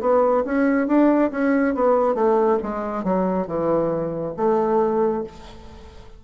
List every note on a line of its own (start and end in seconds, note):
0.00 0.43 B3
0.45 0.87 C#4
0.87 1.30 D4
1.31 1.74 C#4
1.74 2.15 B3
2.15 2.58 A3
2.62 3.04 G#3
3.04 3.47 F#3
3.47 4.34 E3
4.36 5.23 A3